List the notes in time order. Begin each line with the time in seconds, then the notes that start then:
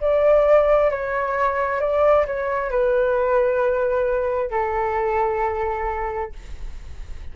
0.00 D5
0.90 C#5
1.80 D5
2.26 C#5
2.70 B4
4.50 A4